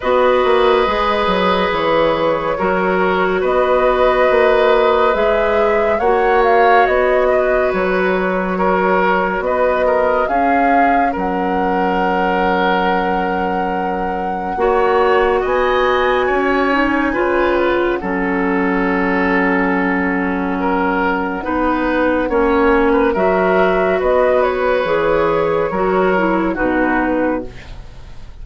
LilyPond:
<<
  \new Staff \with { instrumentName = "flute" } { \time 4/4 \tempo 4 = 70 dis''2 cis''2 | dis''2 e''4 fis''8 f''8 | dis''4 cis''2 dis''4 | f''4 fis''2.~ |
fis''2 gis''2~ | gis''8 fis''2.~ fis''8~ | fis''2. e''4 | dis''8 cis''2~ cis''8 b'4 | }
  \new Staff \with { instrumentName = "oboe" } { \time 4/4 b'2. ais'4 | b'2. cis''4~ | cis''8 b'4. ais'4 b'8 ais'8 | gis'4 ais'2.~ |
ais'4 cis''4 dis''4 cis''4 | b'4 a'2. | ais'4 b'4 cis''8. b'16 ais'4 | b'2 ais'4 fis'4 | }
  \new Staff \with { instrumentName = "clarinet" } { \time 4/4 fis'4 gis'2 fis'4~ | fis'2 gis'4 fis'4~ | fis'1 | cis'1~ |
cis'4 fis'2~ fis'8 dis'8 | f'4 cis'2.~ | cis'4 dis'4 cis'4 fis'4~ | fis'4 gis'4 fis'8 e'8 dis'4 | }
  \new Staff \with { instrumentName = "bassoon" } { \time 4/4 b8 ais8 gis8 fis8 e4 fis4 | b4 ais4 gis4 ais4 | b4 fis2 b4 | cis'4 fis2.~ |
fis4 ais4 b4 cis'4 | cis4 fis2.~ | fis4 b4 ais4 fis4 | b4 e4 fis4 b,4 | }
>>